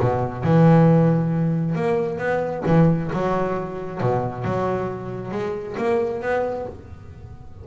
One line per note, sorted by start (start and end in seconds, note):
0.00 0.43 B2
0.43 1.75 E3
1.75 2.18 A#3
2.18 2.63 B3
2.66 3.11 E3
3.13 4.01 F#3
4.01 4.45 B2
4.45 5.31 F#3
5.31 5.76 G#3
5.77 6.22 A#3
6.22 6.66 B3